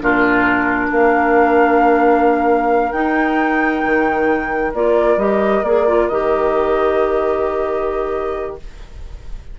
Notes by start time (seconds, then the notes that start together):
0.00 A#2 D4 F4 A#4
0.90 A#3 A#4 F5
2.92 D#4 G5
3.84 D#3
4.74 A#3 F4 D5
5.17 G3 G4 D#5
5.63 A#3 G#4 D5
5.88 F4
6.08 D#3 G4 D#5